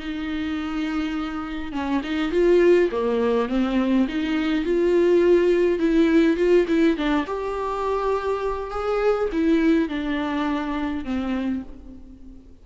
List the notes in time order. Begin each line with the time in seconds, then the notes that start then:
0.00 D#4
1.73 C#4
2.04 D#4
2.32 F4
2.92 A#3
3.49 C4
4.09 D#4
4.65 F4
5.80 E4
6.37 F4
6.69 E4
6.97 D4
7.27 G4
8.71 G#4
9.33 E4
9.89 D4
11.05 C4